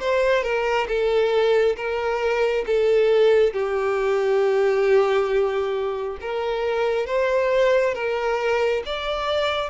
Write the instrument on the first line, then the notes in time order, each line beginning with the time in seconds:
violin
0.00 C5
0.43 A#4
0.88 A4
1.76 A#4
2.66 A4
3.53 G4
6.20 A#4
7.06 C5
7.95 A#4
8.85 D5